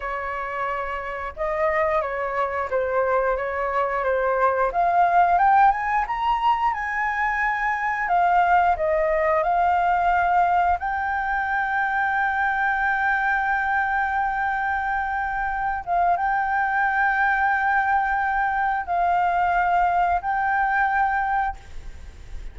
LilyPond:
\new Staff \with { instrumentName = "flute" } { \time 4/4 \tempo 4 = 89 cis''2 dis''4 cis''4 | c''4 cis''4 c''4 f''4 | g''8 gis''8 ais''4 gis''2 | f''4 dis''4 f''2 |
g''1~ | g''2.~ g''8 f''8 | g''1 | f''2 g''2 | }